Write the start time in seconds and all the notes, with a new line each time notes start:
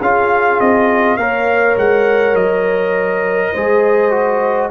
0.00 C#4 F4 G#4 F5
0.60 C4 D#5
1.16 A#3 A#4 C#5 F5
1.76 G#3 F#5
2.34 F#3 D#5
3.52 G#3 G#4 C5
4.10 F#4